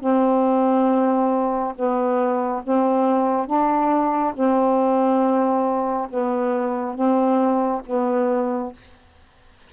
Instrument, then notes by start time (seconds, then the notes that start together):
saxophone
0.00 C4
1.75 B3
2.63 C4
3.46 D4
4.34 C4
6.10 B3
6.94 C4
7.86 B3